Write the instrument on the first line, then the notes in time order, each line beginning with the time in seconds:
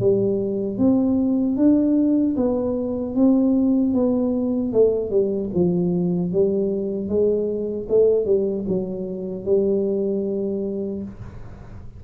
tuba
0.00 G3
0.78 C4
1.57 D4
2.36 B3
3.15 C4
3.94 B3
4.73 A3
5.10 G3
5.54 F3
6.32 G3
7.09 G#3
7.89 A3
8.25 G3
8.68 F#3
9.45 G3